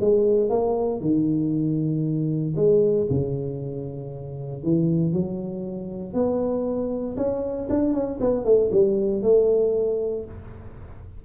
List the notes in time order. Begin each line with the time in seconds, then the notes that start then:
0.00 G#3
0.49 A#3
1.00 D#3
2.56 G#3
3.10 C#3
4.63 E3
5.13 F#3
6.14 B3
7.17 C#4
7.69 D4
7.93 C#4
8.20 B3
8.44 A3
8.71 G3
9.22 A3